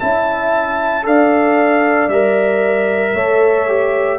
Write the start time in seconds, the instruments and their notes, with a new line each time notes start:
0.00 tuba C#4, trombone E4, horn E5, trumpet A5
1.04 tuba D4, trombone A4, horn D5, trumpet F5
2.09 tuba G3, trombone A#4, trumpet E5
3.14 tuba A3, trombone A4, horn C#5
3.69 trombone G4